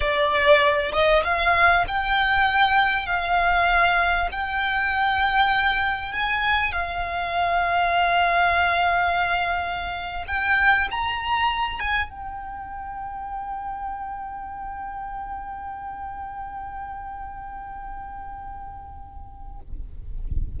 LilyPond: \new Staff \with { instrumentName = "violin" } { \time 4/4 \tempo 4 = 98 d''4. dis''8 f''4 g''4~ | g''4 f''2 g''4~ | g''2 gis''4 f''4~ | f''1~ |
f''8. g''4 ais''4. gis''8 g''16~ | g''1~ | g''1~ | g''1 | }